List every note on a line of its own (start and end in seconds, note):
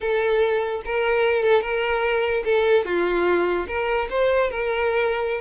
0.00 0.82 A4
0.85 1.42 A#4
1.42 1.61 A4
1.61 2.43 A#4
2.44 2.85 A4
2.85 3.66 F4
3.67 4.08 A#4
4.09 4.50 C5
4.50 5.40 A#4